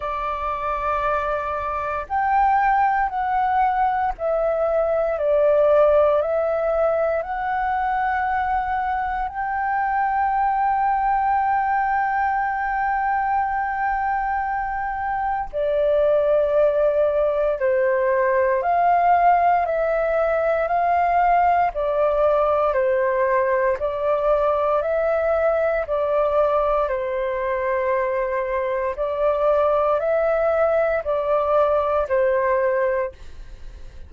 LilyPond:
\new Staff \with { instrumentName = "flute" } { \time 4/4 \tempo 4 = 58 d''2 g''4 fis''4 | e''4 d''4 e''4 fis''4~ | fis''4 g''2.~ | g''2. d''4~ |
d''4 c''4 f''4 e''4 | f''4 d''4 c''4 d''4 | e''4 d''4 c''2 | d''4 e''4 d''4 c''4 | }